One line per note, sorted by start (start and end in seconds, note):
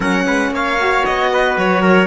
0.00 0.25 F#3
0.00 0.76 C#4
0.00 0.25 A#4
0.00 0.53 F#5
0.26 0.50 G#3
0.26 0.52 B4
0.50 1.02 A#3
0.50 1.32 C#5
0.50 1.05 F5
0.79 2.06 F#4
1.05 1.56 B3
1.05 1.57 D#5
1.32 1.81 B4
1.56 2.06 F#3
1.56 2.06 C#5
1.81 2.06 A#4